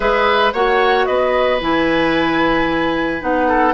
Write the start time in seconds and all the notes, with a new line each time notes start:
0.00 G#3 G#4 B4 E5
0.53 A#3 F#4 C#5 F#5
1.05 B3 B4 D#5
1.60 E3 E4 G#5
3.21 B3 D#4 F#5
3.48 A4